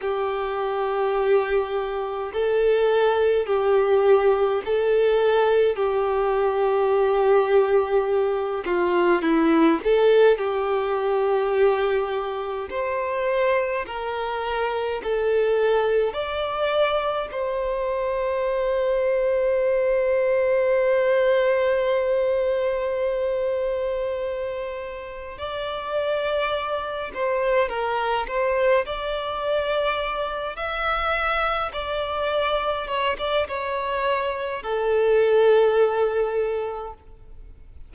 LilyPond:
\new Staff \with { instrumentName = "violin" } { \time 4/4 \tempo 4 = 52 g'2 a'4 g'4 | a'4 g'2~ g'8 f'8 | e'8 a'8 g'2 c''4 | ais'4 a'4 d''4 c''4~ |
c''1~ | c''2 d''4. c''8 | ais'8 c''8 d''4. e''4 d''8~ | d''8 cis''16 d''16 cis''4 a'2 | }